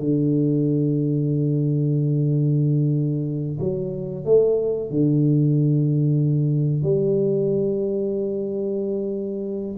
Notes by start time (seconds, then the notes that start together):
0.00 D3
3.60 F#3
4.25 A3
4.91 D3
6.83 G3